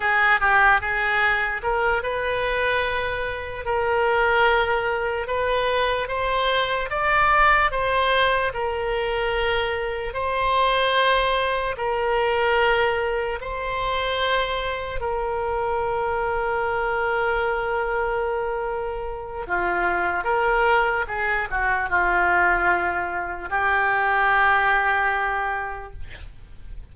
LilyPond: \new Staff \with { instrumentName = "oboe" } { \time 4/4 \tempo 4 = 74 gis'8 g'8 gis'4 ais'8 b'4.~ | b'8 ais'2 b'4 c''8~ | c''8 d''4 c''4 ais'4.~ | ais'8 c''2 ais'4.~ |
ais'8 c''2 ais'4.~ | ais'1 | f'4 ais'4 gis'8 fis'8 f'4~ | f'4 g'2. | }